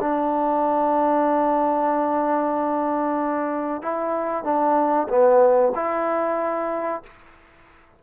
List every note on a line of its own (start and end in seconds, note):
0.00 3.82 D4
3.82 4.44 E4
4.44 5.08 D4
5.09 5.72 B3
5.75 7.03 E4